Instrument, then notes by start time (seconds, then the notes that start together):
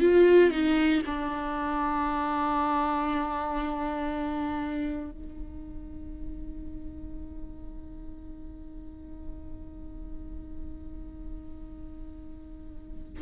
viola
0.00 F4
0.51 D#4
1.05 D4
5.11 D#4